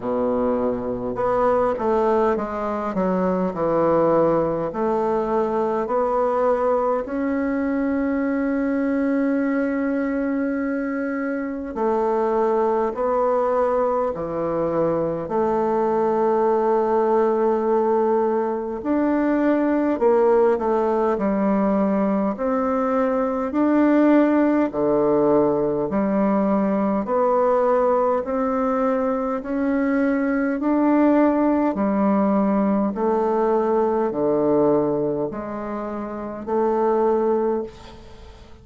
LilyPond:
\new Staff \with { instrumentName = "bassoon" } { \time 4/4 \tempo 4 = 51 b,4 b8 a8 gis8 fis8 e4 | a4 b4 cis'2~ | cis'2 a4 b4 | e4 a2. |
d'4 ais8 a8 g4 c'4 | d'4 d4 g4 b4 | c'4 cis'4 d'4 g4 | a4 d4 gis4 a4 | }